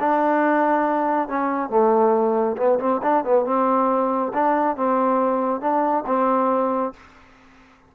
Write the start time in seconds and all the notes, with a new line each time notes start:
0.00 D4
1.28 C#4
1.69 A3
2.57 B3
2.79 C4
3.02 D4
3.24 B3
3.45 C4
4.33 D4
4.76 C4
5.61 D4
6.06 C4